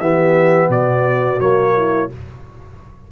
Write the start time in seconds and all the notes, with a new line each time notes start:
0.00 E3 B3 G4 E5
0.69 B2 F#4 D5
1.40 F#3 A#3 C#5
1.77 E4